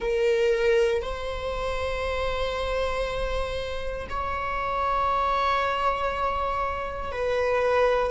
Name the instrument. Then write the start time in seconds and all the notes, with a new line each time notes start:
viola
0.00 A#4
1.02 C5
4.09 C#5
7.11 B4